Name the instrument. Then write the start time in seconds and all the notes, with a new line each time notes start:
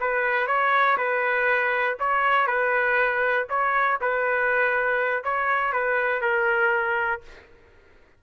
trumpet
0.00 B4
0.47 C#5
0.97 B4
1.99 C#5
2.47 B4
3.50 C#5
4.01 B4
5.24 C#5
5.73 B4
6.21 A#4